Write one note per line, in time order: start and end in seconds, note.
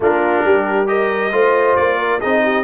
0.00 0.43 A#3
0.00 0.86 D4
0.00 0.45 F4
0.00 0.87 A#4
0.44 1.32 G3
0.44 0.88 G4
0.86 1.30 G4
0.86 1.32 A#4
0.86 1.76 D#5
1.32 1.76 A3
1.32 2.20 F4
1.32 1.98 C5
1.76 2.21 A#3
1.76 2.20 D5
1.98 2.19 A#4
2.19 2.63 C4
2.19 2.63 D#4
2.19 2.41 G#4
2.19 2.63 D#5
2.43 2.63 G4